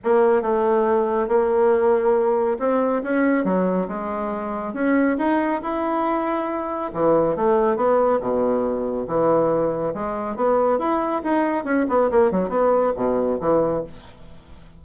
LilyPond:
\new Staff \with { instrumentName = "bassoon" } { \time 4/4 \tempo 4 = 139 ais4 a2 ais4~ | ais2 c'4 cis'4 | fis4 gis2 cis'4 | dis'4 e'2. |
e4 a4 b4 b,4~ | b,4 e2 gis4 | b4 e'4 dis'4 cis'8 b8 | ais8 fis8 b4 b,4 e4 | }